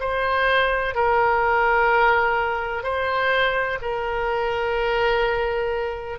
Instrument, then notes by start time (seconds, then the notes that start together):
oboe
0.00 C5
0.94 A#4
2.83 C5
3.81 A#4